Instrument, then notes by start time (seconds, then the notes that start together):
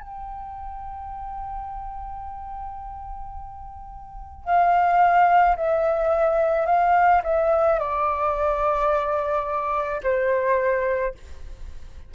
flute
0.00 G5
4.44 F5
5.56 E5
6.66 F5
7.23 E5
7.79 D5
10.03 C5